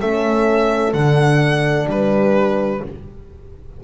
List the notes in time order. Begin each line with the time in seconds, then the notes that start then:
0.00 A3 C#4 A4 E5
0.93 D3 D4 F#5
1.86 G3 G4 B4